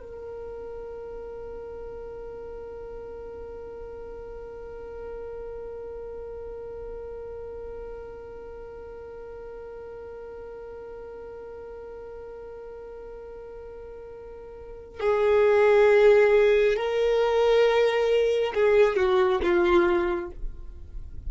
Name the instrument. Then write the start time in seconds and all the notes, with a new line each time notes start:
violin
0.00 A#4
15.00 G#4
16.76 A#4
18.54 G#4
18.96 F#4
19.42 F4